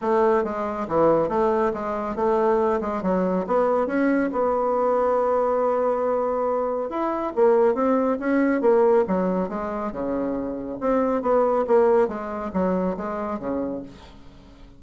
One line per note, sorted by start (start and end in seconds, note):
0.01 0.44 A3
0.44 0.87 G#3
0.88 1.28 E3
1.28 1.71 A3
1.73 2.15 G#3
2.15 2.80 A3
2.81 3.02 G#3
3.02 3.45 F#3
3.46 3.86 B3
3.86 4.29 C#4
4.32 6.89 B3
6.89 7.32 E4
7.35 7.74 A#3
7.74 8.17 C4
8.19 8.61 C#4
8.61 9.04 A#3
9.07 9.48 F#3
9.48 9.92 G#3
9.92 10.78 C#3
10.80 11.22 C4
11.22 11.65 B3
11.67 12.08 A#3
12.08 12.51 G#3
12.53 12.96 F#3
12.97 13.39 G#3
13.39 13.82 C#3